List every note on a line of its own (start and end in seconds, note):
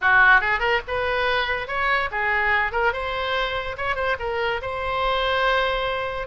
0.01 0.41 F#4
0.41 0.59 G#4
0.59 0.80 A#4
0.87 1.67 B4
1.67 2.09 C#5
2.11 2.72 G#4
2.72 2.92 A#4
2.92 3.76 C5
3.77 3.95 C#5
3.95 4.16 C5
4.19 4.61 A#4
4.61 6.27 C5